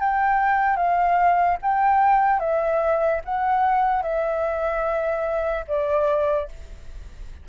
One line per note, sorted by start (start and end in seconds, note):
0.00 0.76 G5
0.76 1.57 F5
1.62 2.40 G5
2.40 3.21 E5
3.25 4.03 F#5
4.03 5.65 E5
5.68 6.49 D5